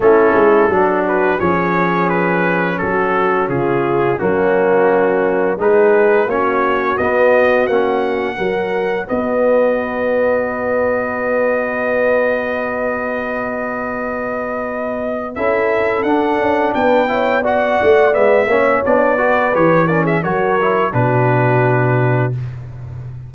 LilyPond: <<
  \new Staff \with { instrumentName = "trumpet" } { \time 4/4 \tempo 4 = 86 a'4. b'8 cis''4 b'4 | a'4 gis'4 fis'2 | b'4 cis''4 dis''4 fis''4~ | fis''4 dis''2.~ |
dis''1~ | dis''2 e''4 fis''4 | g''4 fis''4 e''4 d''4 | cis''8 d''16 e''16 cis''4 b'2 | }
  \new Staff \with { instrumentName = "horn" } { \time 4/4 e'4 fis'4 gis'2 | fis'4 f'4 cis'2 | gis'4 fis'2. | ais'4 b'2.~ |
b'1~ | b'2 a'2 | b'8 cis''8 d''4. cis''4 b'8~ | b'8 ais'16 gis'16 ais'4 fis'2 | }
  \new Staff \with { instrumentName = "trombone" } { \time 4/4 cis'4 d'4 cis'2~ | cis'2 ais2 | dis'4 cis'4 b4 cis'4 | fis'1~ |
fis'1~ | fis'2 e'4 d'4~ | d'8 e'8 fis'4 b8 cis'8 d'8 fis'8 | g'8 cis'8 fis'8 e'8 d'2 | }
  \new Staff \with { instrumentName = "tuba" } { \time 4/4 a8 gis8 fis4 f2 | fis4 cis4 fis2 | gis4 ais4 b4 ais4 | fis4 b2.~ |
b1~ | b2 cis'4 d'8 cis'8 | b4. a8 gis8 ais8 b4 | e4 fis4 b,2 | }
>>